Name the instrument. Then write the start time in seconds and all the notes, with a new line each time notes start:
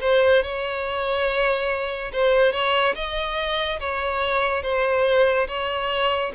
violin
0.00 C5
0.42 C#5
2.12 C5
2.52 C#5
2.95 D#5
3.79 C#5
4.62 C5
5.47 C#5